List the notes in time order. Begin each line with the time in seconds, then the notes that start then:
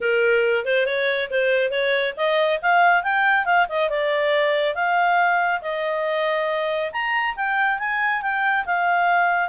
0.00 A#4
0.65 C5
0.86 C#5
1.30 C5
1.71 C#5
2.16 D#5
2.61 F5
3.03 G5
3.45 F5
3.68 D#5
3.89 D5
4.74 F5
5.61 D#5
6.92 A#5
7.36 G5
7.78 G#5
8.22 G5
8.65 F5